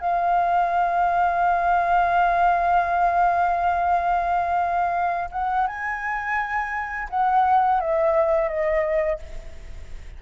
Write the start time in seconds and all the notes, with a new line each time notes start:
0.00 F5
5.32 F#5
5.67 G#5
7.10 F#5
7.80 E5
8.49 D#5